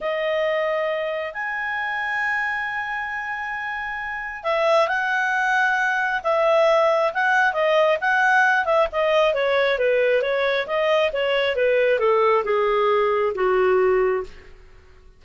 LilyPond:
\new Staff \with { instrumentName = "clarinet" } { \time 4/4 \tempo 4 = 135 dis''2. gis''4~ | gis''1~ | gis''2 e''4 fis''4~ | fis''2 e''2 |
fis''4 dis''4 fis''4. e''8 | dis''4 cis''4 b'4 cis''4 | dis''4 cis''4 b'4 a'4 | gis'2 fis'2 | }